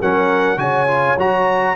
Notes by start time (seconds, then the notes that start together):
0.00 F#3 C#4 A#4 F#5
0.57 C#3 F#4 C#5 G#5
0.87 F4
1.17 F#3 F#4 A#5